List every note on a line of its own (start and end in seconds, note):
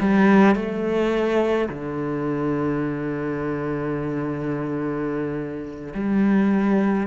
0.00 0.56 G3
0.56 1.69 A3
1.69 5.93 D3
5.94 7.07 G3